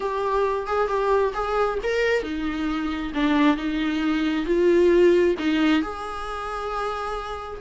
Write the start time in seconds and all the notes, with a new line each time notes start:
0.00 G4
0.66 G#4
0.88 G4
1.33 G#4
1.83 A#4
2.22 D#4
3.13 D4
3.56 D#4
4.45 F4
5.39 D#4
5.81 G#4